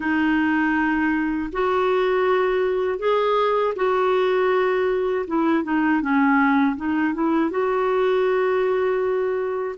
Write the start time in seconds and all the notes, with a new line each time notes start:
0.00 D#4
1.52 F#4
2.99 G#4
3.75 F#4
5.27 E4
5.63 D#4
6.01 C#4
6.76 D#4
7.14 E4
7.50 F#4